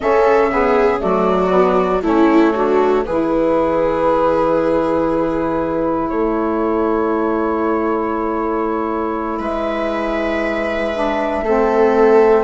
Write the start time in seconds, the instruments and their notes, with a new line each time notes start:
0.00 bassoon C#3, saxophone C#4, viola A4, flute E5
0.50 saxophone B3, viola G#4
0.99 bassoon F#3, saxophone A3, viola F#4, flute D5
1.49 saxophone B3
2.02 bassoon A3, saxophone C#4, viola E4, flute C#5
2.54 saxophone D4, viola F#4
3.05 bassoon E3, saxophone E4, viola G#4, flute B4
6.08 bassoon A3, viola A4, flute C#5
9.39 bassoon G#3, viola B4, flute E5
10.93 saxophone D4
11.42 bassoon A3, saxophone C4, viola A4